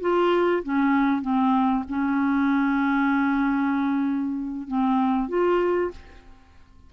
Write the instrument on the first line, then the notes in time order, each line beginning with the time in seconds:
clarinet
0.00 F4
0.63 C#4
1.21 C4
1.88 C#4
4.67 C4
5.28 F4